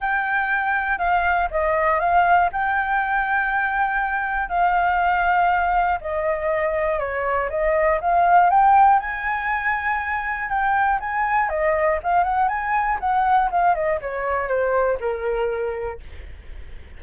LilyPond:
\new Staff \with { instrumentName = "flute" } { \time 4/4 \tempo 4 = 120 g''2 f''4 dis''4 | f''4 g''2.~ | g''4 f''2. | dis''2 cis''4 dis''4 |
f''4 g''4 gis''2~ | gis''4 g''4 gis''4 dis''4 | f''8 fis''8 gis''4 fis''4 f''8 dis''8 | cis''4 c''4 ais'2 | }